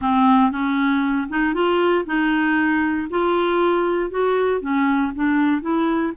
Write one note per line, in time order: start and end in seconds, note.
0.01 0.51 C4
0.51 1.28 C#4
1.29 1.54 D#4
1.54 2.05 F4
2.05 3.08 D#4
3.10 4.10 F4
4.10 4.60 F#4
4.60 5.12 C#4
5.15 5.61 D4
5.61 6.12 E4